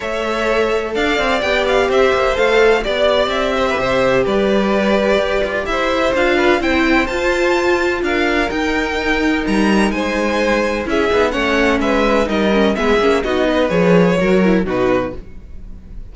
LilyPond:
<<
  \new Staff \with { instrumentName = "violin" } { \time 4/4 \tempo 4 = 127 e''2 f''4 g''8 f''8 | e''4 f''4 d''4 e''4~ | e''4 d''2. | e''4 f''4 g''4 a''4~ |
a''4 f''4 g''2 | ais''4 gis''2 e''4 | fis''4 e''4 dis''4 e''4 | dis''4 cis''2 b'4 | }
  \new Staff \with { instrumentName = "violin" } { \time 4/4 cis''2 d''2 | c''2 d''4. c''16 b'16 | c''4 b'2. | c''4. b'8 c''2~ |
c''4 ais'2.~ | ais'4 c''2 gis'4 | cis''4 b'4 ais'4 gis'4 | fis'8 b'4. ais'4 fis'4 | }
  \new Staff \with { instrumentName = "viola" } { \time 4/4 a'2. g'4~ | g'4 a'4 g'2~ | g'1~ | g'4 f'4 e'4 f'4~ |
f'2 dis'2~ | dis'2. e'8 dis'8 | cis'2 dis'8 cis'8 b8 cis'8 | dis'4 gis'4 fis'8 e'8 dis'4 | }
  \new Staff \with { instrumentName = "cello" } { \time 4/4 a2 d'8 c'8 b4 | c'8 ais8 a4 b4 c'4 | c4 g2 g'8 f'8 | e'4 d'4 c'4 f'4~ |
f'4 d'4 dis'2 | g4 gis2 cis'8 b8 | a4 gis4 g4 gis8 ais8 | b4 f4 fis4 b,4 | }
>>